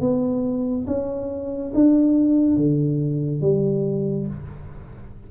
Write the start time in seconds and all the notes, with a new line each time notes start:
0.00 B3
0.86 C#4
1.74 D4
2.56 D3
3.41 G3